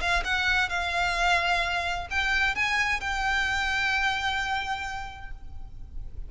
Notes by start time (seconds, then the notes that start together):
0.00 F5
0.24 F#5
0.69 F5
2.10 G5
2.55 G#5
3.00 G5